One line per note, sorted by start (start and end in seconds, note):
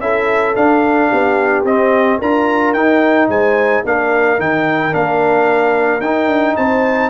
0.00 0.55 C#4
0.00 0.56 E4
0.00 1.11 A4
0.00 0.55 E5
0.55 1.10 D4
0.55 1.65 D4
0.55 1.64 F5
1.11 1.64 B3
1.11 2.19 G4
1.64 2.19 C4
1.64 2.22 C4
1.64 2.20 D#5
2.19 2.73 D4
2.19 2.76 F4
2.19 3.28 A#4
2.19 2.73 A#5
2.73 3.28 D#4
2.73 3.85 D#4
2.73 3.27 G5
3.28 3.83 G#3
3.28 3.83 C5
3.28 3.84 G#5
3.85 4.38 A#3
3.85 4.38 D4
3.85 6.57 A#4
3.85 4.40 F5
4.38 4.93 D#3
4.38 4.91 D#4
4.38 4.94 G5
4.91 6.00 A#3
4.91 6.00 D4
4.91 6.01 F5
6.00 6.27 D#4
6.00 7.09 D#4
6.00 6.55 G5
6.27 6.54 D4
6.56 7.09 C4
6.56 7.09 C5
6.56 7.09 A5